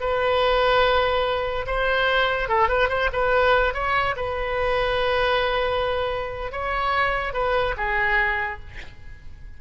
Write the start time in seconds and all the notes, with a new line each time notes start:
0.00 B4
1.66 C5
2.48 A4
2.68 B4
2.89 C5
3.12 B4
3.74 C#5
4.16 B4
6.52 C#5
7.33 B4
7.77 G#4